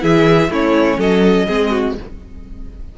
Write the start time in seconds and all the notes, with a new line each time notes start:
0.00 E3 E4 G#4 E5
0.49 A3 C#4 E4 C#5
0.98 F#3 A4 D#5
1.47 G#3 C4 G#4
1.70 F#4